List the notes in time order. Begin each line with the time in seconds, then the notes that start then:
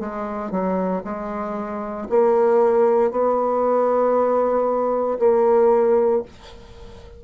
0.00 G#3
0.51 F#3
1.04 G#3
2.09 A#3
3.11 B3
5.19 A#3